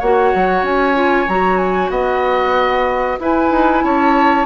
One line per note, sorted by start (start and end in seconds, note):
0.00 0.34 A#3
0.00 0.95 F#4
0.00 1.91 C#5
0.00 0.65 F#5
0.35 0.63 F#3
0.63 1.27 C#4
0.63 1.29 G#5
0.95 1.27 F4
1.29 1.90 F#3
1.29 3.21 F#4
1.29 1.58 A#5
1.58 1.90 G#5
1.90 3.18 B3
1.90 3.19 D#5
1.90 3.19 F#5
3.20 3.51 E4
3.20 4.46 E4
3.20 3.85 B4
3.20 3.85 G#5
3.51 3.83 D#4
3.84 4.46 C#4
3.84 4.46 C#5
3.84 4.46 A5